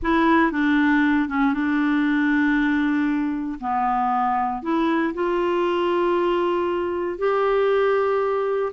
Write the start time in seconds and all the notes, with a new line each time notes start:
0.02 E4
0.51 D4
1.28 C#4
1.53 D4
3.60 B3
4.62 E4
5.14 F4
7.18 G4